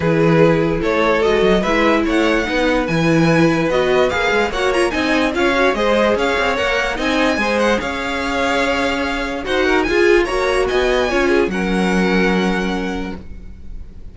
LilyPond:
<<
  \new Staff \with { instrumentName = "violin" } { \time 4/4 \tempo 4 = 146 b'2 cis''4 dis''4 | e''4 fis''2 gis''4~ | gis''4 dis''4 f''4 fis''8 ais''8 | gis''4 f''4 dis''4 f''4 |
fis''4 gis''4. fis''8 f''4~ | f''2. fis''4 | gis''4 ais''4 gis''2 | fis''1 | }
  \new Staff \with { instrumentName = "violin" } { \time 4/4 gis'2 a'2 | b'4 cis''4 b'2~ | b'2. cis''4 | dis''4 cis''4 c''4 cis''4~ |
cis''4 dis''4 c''4 cis''4~ | cis''2. c''8 ais'8 | gis'4 cis''4 dis''4 cis''8 gis'8 | ais'1 | }
  \new Staff \with { instrumentName = "viola" } { \time 4/4 e'2. fis'4 | e'2 dis'4 e'4~ | e'4 fis'4 gis'4 fis'8 f'8 | dis'4 f'8 fis'8 gis'2 |
ais'4 dis'4 gis'2~ | gis'2. fis'4 | f'4 fis'2 f'4 | cis'1 | }
  \new Staff \with { instrumentName = "cello" } { \time 4/4 e2 a4 gis8 fis8 | gis4 a4 b4 e4~ | e4 b4 ais8 gis8 ais4 | c'4 cis'4 gis4 cis'8 c'8 |
ais4 c'4 gis4 cis'4~ | cis'2. dis'4 | f'4 ais4 b4 cis'4 | fis1 | }
>>